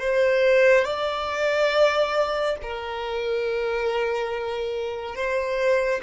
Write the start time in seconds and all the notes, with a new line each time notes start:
0.00 C5
0.85 D5
2.63 A#4
5.16 C5